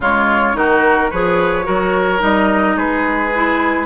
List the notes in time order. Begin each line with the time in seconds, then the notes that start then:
0.00 C#3 G#3 F4 C#5
0.53 D#3 D#4 F#4 A#4
1.10 F3 G#4 B4 C#5
1.63 F#3 F#4 A#4
2.19 G3 D#4 D#5
2.76 G#3 G#4 B4
3.35 E4